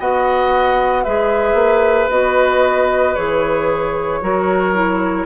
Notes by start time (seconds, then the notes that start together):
0.00 B3 F#4 D#5 F#5
1.04 G#3 G#4 B4 E5
1.54 A#3
2.10 B3 F#4 D#5
3.15 E3 G#4 C#5
4.22 F#3 F#4 A#4
4.74 E4